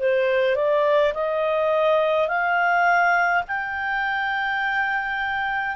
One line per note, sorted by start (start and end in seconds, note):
0.00 0.56 C5
0.56 1.14 D5
1.14 2.28 D#5
2.28 3.44 F5
3.48 5.76 G5